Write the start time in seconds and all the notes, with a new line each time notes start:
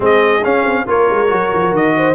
0.00 G#3 C4 G#4 D#5
0.44 C#4 F5
0.64 C4
0.87 A#3 F4 A#4 C#5
1.10 G#3
1.27 F#3 F#4
1.53 F3
1.72 D#3 D#5
1.97 C5